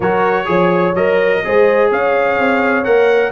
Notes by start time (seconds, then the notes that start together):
0.00 F#3 F#4 A#4 C#5
0.45 F3 G#4 C#5
0.94 F#3 A#4 D#5
1.43 G#3 G#4 C5
1.91 C#4 C#5 F5
2.38 C4
2.84 A#3 A#4 F#5